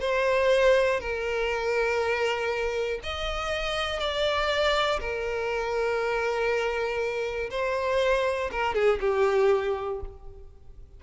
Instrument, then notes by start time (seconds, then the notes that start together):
violin
0.00 C5
1.00 A#4
3.03 D#5
4.00 D5
5.00 A#4
7.50 C5
8.52 A#4
8.74 G#4
9.00 G4